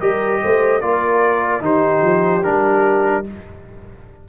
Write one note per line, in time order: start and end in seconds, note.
0.00 0.42 G3
0.00 0.81 G4
0.00 0.41 A#4
0.00 0.81 D#5
0.43 0.82 A3
0.43 0.83 C5
0.81 1.61 A#3
0.81 1.61 F4
0.81 1.63 A#4
0.81 1.62 D5
1.61 2.01 D#3
1.61 2.42 D#4
1.61 3.26 G4
1.61 2.44 C5
2.02 2.42 F3
2.43 3.28 G3
2.43 3.24 D4
2.43 3.25 A#4